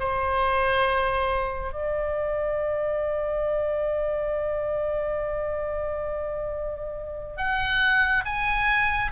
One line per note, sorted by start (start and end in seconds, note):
0.00 1.73 C5
1.73 7.38 D5
7.38 8.25 F#5
8.26 9.12 G#5